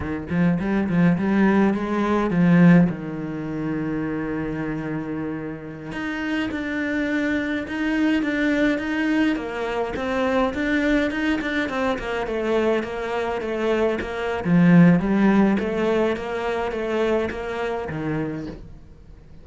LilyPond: \new Staff \with { instrumentName = "cello" } { \time 4/4 \tempo 4 = 104 dis8 f8 g8 f8 g4 gis4 | f4 dis2.~ | dis2~ dis16 dis'4 d'8.~ | d'4~ d'16 dis'4 d'4 dis'8.~ |
dis'16 ais4 c'4 d'4 dis'8 d'16~ | d'16 c'8 ais8 a4 ais4 a8.~ | a16 ais8. f4 g4 a4 | ais4 a4 ais4 dis4 | }